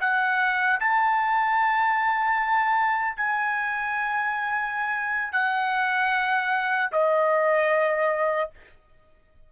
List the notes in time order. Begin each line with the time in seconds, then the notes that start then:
0.00 F#5
0.80 A5
3.16 G#5
5.32 F#5
6.92 D#5